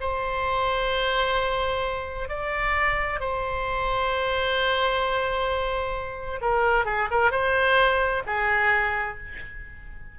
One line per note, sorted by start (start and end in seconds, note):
0.00 2.28 C5
2.28 3.19 D5
3.19 6.40 C5
6.41 6.85 A#4
6.85 7.08 G#4
7.10 7.31 A#4
7.31 8.22 C5
8.26 9.18 G#4